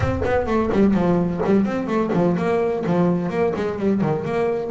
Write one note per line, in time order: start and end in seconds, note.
0.00 0.22 C4
0.25 0.46 B3
0.46 0.70 A3
0.72 0.94 G3
0.94 1.41 F3
1.45 1.65 G3
1.65 1.87 C4
1.87 2.10 A3
2.13 2.36 F3
2.37 2.84 A#3
2.86 3.29 F3
3.29 3.53 A#3
3.55 3.78 G#3
3.78 4.01 G3
4.01 4.24 D#3
4.24 4.70 A#3